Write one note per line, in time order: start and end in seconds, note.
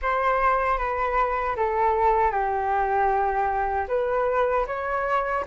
0.01 0.78 C5
0.78 1.56 B4
1.56 2.31 A4
2.31 3.86 G4
3.87 4.65 B4
4.66 5.44 C#5